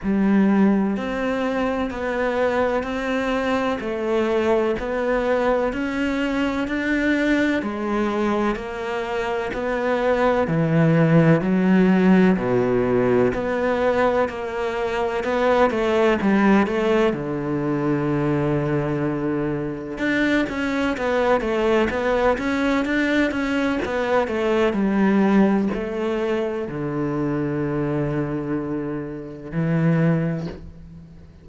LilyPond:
\new Staff \with { instrumentName = "cello" } { \time 4/4 \tempo 4 = 63 g4 c'4 b4 c'4 | a4 b4 cis'4 d'4 | gis4 ais4 b4 e4 | fis4 b,4 b4 ais4 |
b8 a8 g8 a8 d2~ | d4 d'8 cis'8 b8 a8 b8 cis'8 | d'8 cis'8 b8 a8 g4 a4 | d2. e4 | }